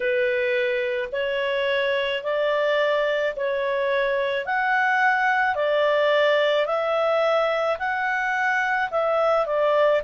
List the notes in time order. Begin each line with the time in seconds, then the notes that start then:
0.00 B4
1.12 C#5
2.23 D5
3.36 C#5
4.45 F#5
5.55 D5
6.66 E5
7.78 F#5
8.90 E5
9.45 D5